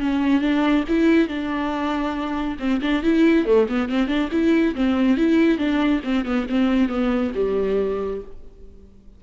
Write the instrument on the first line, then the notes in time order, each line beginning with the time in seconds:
viola
0.00 C#4
0.41 D4
0.89 E4
1.28 D4
2.60 C4
2.82 D4
3.03 E4
3.46 A3
3.69 B3
3.89 C4
4.08 D4
4.32 E4
4.76 C4
5.17 E4
5.58 D4
6.04 C4
6.26 B3
6.49 C4
6.89 B3
7.35 G3